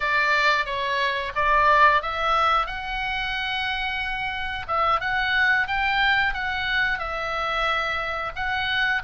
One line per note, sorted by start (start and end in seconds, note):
0.00 0.65 D5
0.65 1.32 C#5
1.35 2.02 D5
2.02 2.66 E5
2.66 4.66 F#5
4.67 5.00 E5
5.00 5.67 F#5
5.67 6.33 G5
6.33 6.98 F#5
6.98 8.32 E5
8.35 9.02 F#5